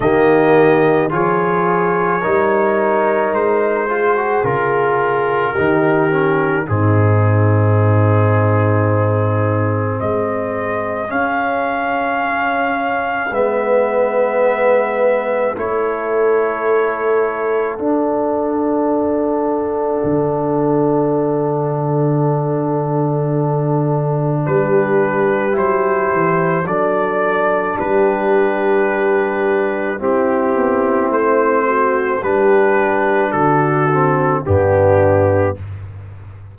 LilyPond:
<<
  \new Staff \with { instrumentName = "trumpet" } { \time 4/4 \tempo 4 = 54 dis''4 cis''2 c''4 | ais'2 gis'2~ | gis'4 dis''4 f''2 | e''2 cis''2 |
fis''1~ | fis''2 b'4 c''4 | d''4 b'2 g'4 | c''4 b'4 a'4 g'4 | }
  \new Staff \with { instrumentName = "horn" } { \time 4/4 g'4 gis'4 ais'4. gis'8~ | gis'4 g'4 dis'2~ | dis'4 gis'2. | b'2 a'2~ |
a'1~ | a'2 g'2 | a'4 g'2 e'4~ | e'8 fis'8 g'4 fis'4 d'4 | }
  \new Staff \with { instrumentName = "trombone" } { \time 4/4 ais4 f'4 dis'4. f'16 fis'16 | f'4 dis'8 cis'8 c'2~ | c'2 cis'2 | b2 e'2 |
d'1~ | d'2. e'4 | d'2. c'4~ | c'4 d'4. c'8 b4 | }
  \new Staff \with { instrumentName = "tuba" } { \time 4/4 dis4 f4 g4 gis4 | cis4 dis4 gis,2~ | gis,4 gis4 cis'2 | gis2 a2 |
d'2 d2~ | d2 g4 fis8 e8 | fis4 g2 c'8 b8 | a4 g4 d4 g,4 | }
>>